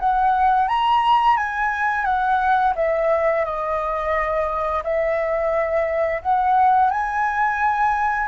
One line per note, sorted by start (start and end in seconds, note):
0.00 0.69 F#5
0.69 1.37 A#5
1.37 2.05 G#5
2.05 2.74 F#5
2.76 3.45 E5
3.45 4.83 D#5
4.84 6.22 E5
6.22 6.91 F#5
6.91 8.28 G#5